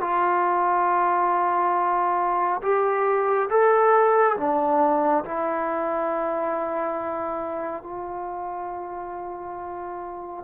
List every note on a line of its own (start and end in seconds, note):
0.00 2.61 F4
2.62 3.49 G4
3.49 4.36 A4
4.37 5.24 D4
5.24 7.83 E4
7.83 10.43 F4